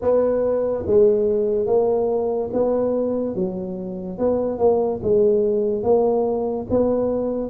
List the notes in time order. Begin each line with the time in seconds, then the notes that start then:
0.01 B3
0.86 G#3
1.66 A#3
2.52 B3
3.35 F#3
4.18 B3
4.58 A#3
5.02 G#3
5.83 A#3
6.69 B3